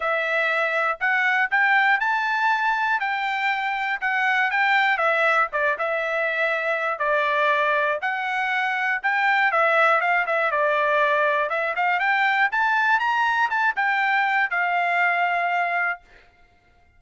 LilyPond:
\new Staff \with { instrumentName = "trumpet" } { \time 4/4 \tempo 4 = 120 e''2 fis''4 g''4 | a''2 g''2 | fis''4 g''4 e''4 d''8 e''8~ | e''2 d''2 |
fis''2 g''4 e''4 | f''8 e''8 d''2 e''8 f''8 | g''4 a''4 ais''4 a''8 g''8~ | g''4 f''2. | }